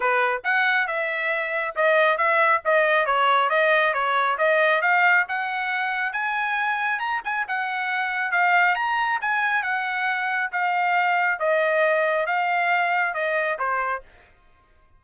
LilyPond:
\new Staff \with { instrumentName = "trumpet" } { \time 4/4 \tempo 4 = 137 b'4 fis''4 e''2 | dis''4 e''4 dis''4 cis''4 | dis''4 cis''4 dis''4 f''4 | fis''2 gis''2 |
ais''8 gis''8 fis''2 f''4 | ais''4 gis''4 fis''2 | f''2 dis''2 | f''2 dis''4 c''4 | }